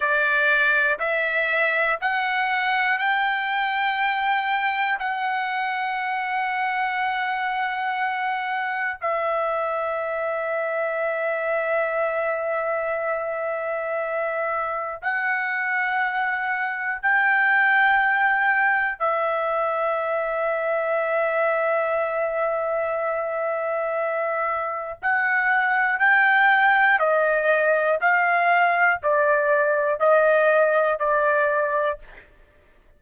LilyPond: \new Staff \with { instrumentName = "trumpet" } { \time 4/4 \tempo 4 = 60 d''4 e''4 fis''4 g''4~ | g''4 fis''2.~ | fis''4 e''2.~ | e''2. fis''4~ |
fis''4 g''2 e''4~ | e''1~ | e''4 fis''4 g''4 dis''4 | f''4 d''4 dis''4 d''4 | }